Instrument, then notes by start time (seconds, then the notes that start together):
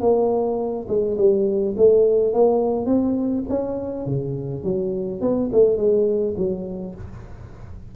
tuba
0.00 A#3
0.88 G#3
1.18 G3
1.77 A3
2.33 A#3
2.86 C4
3.49 C#4
4.06 C#3
4.64 F#3
5.21 B3
5.52 A3
5.77 G#3
6.37 F#3